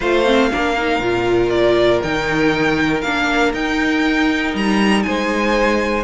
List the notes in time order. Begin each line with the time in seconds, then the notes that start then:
0.00 A3 F4 C5 F5
0.25 C4
0.51 A#3 D4 A#4
0.77 D#4
0.99 A#2 F4
1.49 D5
2.02 D#3 D#4 G5
3.01 A#3 D4 F5
3.53 D#4 G5
4.54 G3 A#5
5.02 G#3 C5 G#5